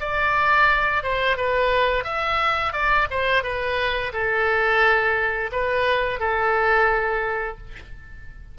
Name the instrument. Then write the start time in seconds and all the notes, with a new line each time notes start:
oboe
0.00 D5
1.03 C5
1.37 B4
2.04 E5
2.73 D5
3.11 C5
3.44 B4
4.13 A4
5.52 B4
6.20 A4